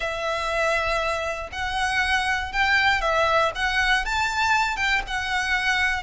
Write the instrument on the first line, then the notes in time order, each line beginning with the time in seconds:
violin
0.00 E5
1.51 F#5
2.52 G5
3.01 E5
3.55 F#5
4.05 A5
4.76 G5
5.07 F#5